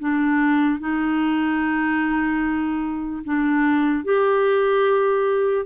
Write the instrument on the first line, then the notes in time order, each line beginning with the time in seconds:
clarinet
0.00 D4
0.80 D#4
3.25 D4
4.05 G4